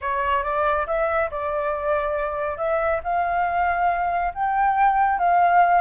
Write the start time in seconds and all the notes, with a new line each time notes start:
0.01 C#5
0.43 D5
0.86 E5
1.31 D5
2.57 E5
3.03 F5
4.34 G5
5.18 F5